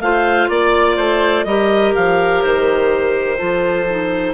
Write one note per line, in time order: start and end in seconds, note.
0.00 0.48 A3
0.00 1.47 F4
0.00 0.49 C5
0.00 0.49 F5
0.49 0.97 A#3
0.49 0.96 D5
0.49 1.44 D5
0.96 1.45 A3
0.96 1.45 C5
1.44 1.93 G3
1.44 3.37 G4
1.44 3.37 A#4
1.44 1.93 D#5
1.95 2.44 F3
1.95 2.43 F5
2.43 3.40 D#3
2.43 4.34 C5
3.37 4.34 F3
3.37 3.86 F4
3.37 4.34 A4
3.89 4.34 D#4